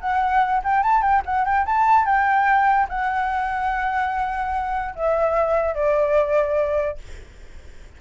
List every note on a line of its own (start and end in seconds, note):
0.00 0.62 F#5
0.63 0.83 G5
0.83 1.01 A5
1.01 1.22 G5
1.25 1.44 F#5
1.44 1.65 G5
1.65 2.05 A5
2.05 2.87 G5
2.89 4.94 F#5
4.95 5.74 E5
5.74 6.97 D5